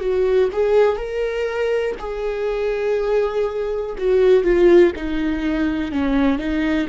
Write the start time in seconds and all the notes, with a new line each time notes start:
0.00 F#4
0.52 G#4
0.97 A#4
1.99 G#4
3.97 F#4
4.43 F4
4.95 D#4
5.92 C#4
6.38 D#4